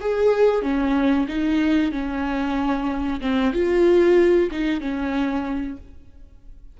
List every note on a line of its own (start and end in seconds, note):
0.00 0.62 G#4
0.62 1.26 C#4
1.28 1.91 D#4
1.91 3.20 C#4
3.21 3.53 C4
3.53 4.50 F4
4.51 4.80 D#4
4.80 5.77 C#4